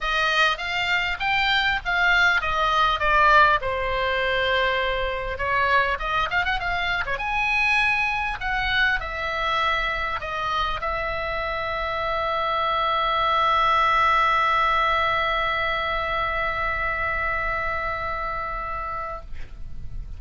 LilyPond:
\new Staff \with { instrumentName = "oboe" } { \time 4/4 \tempo 4 = 100 dis''4 f''4 g''4 f''4 | dis''4 d''4 c''2~ | c''4 cis''4 dis''8 f''16 fis''16 f''8. cis''16 | gis''2 fis''4 e''4~ |
e''4 dis''4 e''2~ | e''1~ | e''1~ | e''1 | }